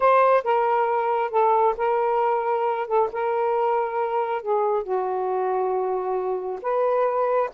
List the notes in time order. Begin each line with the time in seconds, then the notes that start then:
0.00 C5
0.44 A#4
1.30 A4
1.77 A#4
2.87 A4
3.12 A#4
4.42 G#4
4.83 F#4
6.62 B4